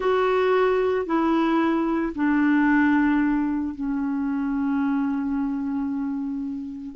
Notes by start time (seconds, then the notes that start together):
0.00 F#4
1.05 E4
2.15 D4
3.74 C#4